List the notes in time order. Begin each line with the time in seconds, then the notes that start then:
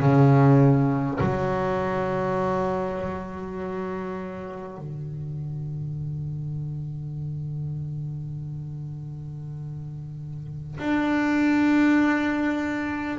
0.00 C#3
1.21 F#3
4.78 D3
10.79 D4